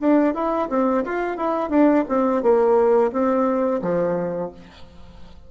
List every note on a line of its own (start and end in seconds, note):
0.00 0.34 D4
0.34 0.68 E4
0.69 1.03 C4
1.04 1.37 F4
1.37 1.70 E4
1.70 2.04 D4
2.08 2.42 C4
2.42 3.11 A#3
3.12 3.81 C4
3.82 4.50 F3